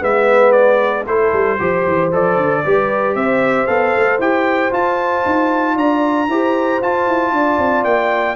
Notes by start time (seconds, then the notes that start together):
0.00 G#3 B3 B4 E5
0.51 D5
1.06 A3 E4 A4 C5
1.32 G3
1.58 F3 G4 C5
1.87 E3
2.11 F3 A4 D5
2.36 D3
2.64 G3 G4 B4
3.15 C4 C5 E5
3.66 B3 A4 F5
3.96 A3
4.18 E4 G4 G5
4.71 F4 A5
5.25 D#4
5.75 D4 D5 A#5
6.28 E4 G4 C5
6.81 F4 A5
7.07 E4
7.31 D4 D5
7.58 C4
7.84 A#3 G5